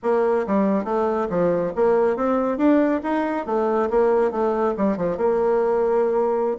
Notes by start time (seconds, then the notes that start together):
0.02 A#3
0.46 G3
0.84 A3
1.29 F3
1.75 A#3
2.16 C4
2.57 D4
3.03 D#4
3.46 A3
3.90 A#3
4.31 A3
4.77 G3
4.97 F3
5.17 A#3